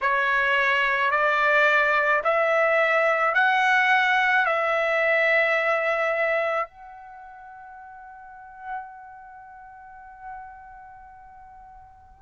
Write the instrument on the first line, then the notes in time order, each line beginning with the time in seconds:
trumpet
0.01 C#5
1.11 D5
2.24 E5
3.34 F#5
4.45 E5
6.67 F#5